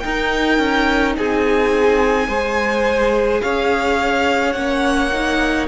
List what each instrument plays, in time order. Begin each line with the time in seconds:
0.00 viola D#4, cello D#4, violin A#4 G5
0.58 cello C#4
1.17 cello C4, violin G#4 G#5
2.28 cello G#3, viola G#4, violin C5
3.42 cello C#4, violin C#5 F5
4.53 cello A#3, viola C#4, violin F#5
5.13 viola D#4